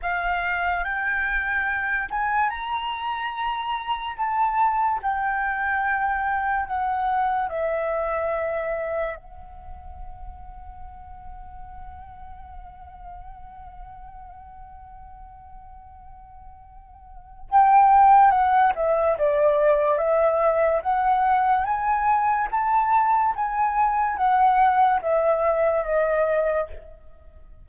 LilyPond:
\new Staff \with { instrumentName = "flute" } { \time 4/4 \tempo 4 = 72 f''4 g''4. gis''8 ais''4~ | ais''4 a''4 g''2 | fis''4 e''2 fis''4~ | fis''1~ |
fis''1~ | fis''4 g''4 fis''8 e''8 d''4 | e''4 fis''4 gis''4 a''4 | gis''4 fis''4 e''4 dis''4 | }